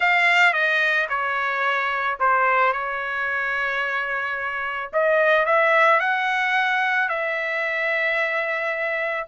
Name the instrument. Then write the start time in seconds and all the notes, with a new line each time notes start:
trumpet
0.00 F5
0.53 D#5
1.09 C#5
2.19 C5
2.72 C#5
4.92 D#5
5.45 E5
6.00 F#5
7.09 E5